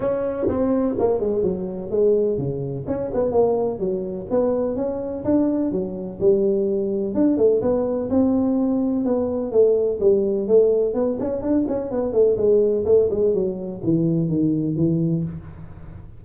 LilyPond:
\new Staff \with { instrumentName = "tuba" } { \time 4/4 \tempo 4 = 126 cis'4 c'4 ais8 gis8 fis4 | gis4 cis4 cis'8 b8 ais4 | fis4 b4 cis'4 d'4 | fis4 g2 d'8 a8 |
b4 c'2 b4 | a4 g4 a4 b8 cis'8 | d'8 cis'8 b8 a8 gis4 a8 gis8 | fis4 e4 dis4 e4 | }